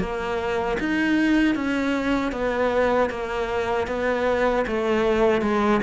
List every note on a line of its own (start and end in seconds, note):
0.00 0.78 A#3
0.80 1.55 D#4
1.55 2.32 C#4
2.32 3.10 B3
3.11 3.87 A#3
3.87 4.65 B3
4.67 5.42 A3
5.42 5.81 G#3